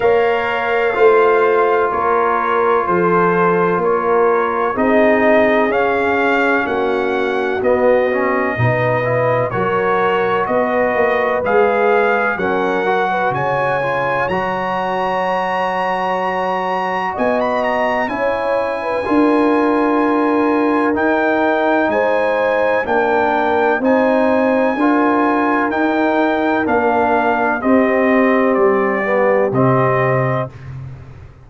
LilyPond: <<
  \new Staff \with { instrumentName = "trumpet" } { \time 4/4 \tempo 4 = 63 f''2 cis''4 c''4 | cis''4 dis''4 f''4 fis''4 | dis''2 cis''4 dis''4 | f''4 fis''4 gis''4 ais''4~ |
ais''2 gis''16 b''16 ais''8 gis''4~ | gis''2 g''4 gis''4 | g''4 gis''2 g''4 | f''4 dis''4 d''4 dis''4 | }
  \new Staff \with { instrumentName = "horn" } { \time 4/4 cis''4 c''4 ais'4 a'4 | ais'4 gis'2 fis'4~ | fis'4 b'4 ais'4 b'4~ | b'4 ais'8. b'16 cis''2~ |
cis''2 dis''4 cis''8. b'16 | ais'2. c''4 | ais'4 c''4 ais'2~ | ais'4 g'2. | }
  \new Staff \with { instrumentName = "trombone" } { \time 4/4 ais'4 f'2.~ | f'4 dis'4 cis'2 | b8 cis'8 dis'8 e'8 fis'2 | gis'4 cis'8 fis'4 f'8 fis'4~ |
fis'2. e'4 | f'2 dis'2 | d'4 dis'4 f'4 dis'4 | d'4 c'4. b8 c'4 | }
  \new Staff \with { instrumentName = "tuba" } { \time 4/4 ais4 a4 ais4 f4 | ais4 c'4 cis'4 ais4 | b4 b,4 fis4 b8 ais8 | gis4 fis4 cis4 fis4~ |
fis2 b4 cis'4 | d'2 dis'4 gis4 | ais4 c'4 d'4 dis'4 | ais4 c'4 g4 c4 | }
>>